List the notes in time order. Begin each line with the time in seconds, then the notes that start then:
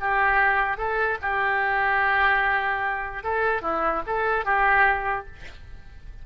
0.00 G4
0.77 A4
1.21 G4
3.23 A4
3.61 E4
4.06 A4
4.45 G4